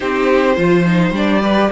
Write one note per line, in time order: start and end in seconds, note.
0.00 0.57 C4
0.00 0.56 D#4
0.00 0.55 G4
0.00 1.13 C5
0.55 1.11 F3
0.55 0.84 F4
0.55 1.41 C5
0.86 1.13 D#4
1.11 1.68 G3
1.11 1.42 D4
1.11 1.71 D5
1.42 1.71 G4
1.42 1.70 B4